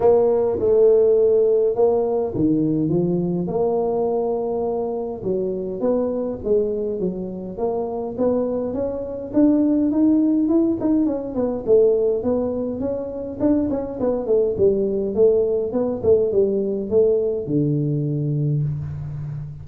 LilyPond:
\new Staff \with { instrumentName = "tuba" } { \time 4/4 \tempo 4 = 103 ais4 a2 ais4 | dis4 f4 ais2~ | ais4 fis4 b4 gis4 | fis4 ais4 b4 cis'4 |
d'4 dis'4 e'8 dis'8 cis'8 b8 | a4 b4 cis'4 d'8 cis'8 | b8 a8 g4 a4 b8 a8 | g4 a4 d2 | }